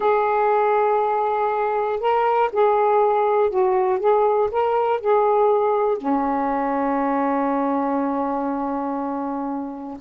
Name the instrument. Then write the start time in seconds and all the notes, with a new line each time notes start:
saxophone
0.00 G#4
2.00 A#4
2.52 G#4
3.50 F#4
3.99 G#4
4.51 A#4
5.00 G#4
5.97 C#4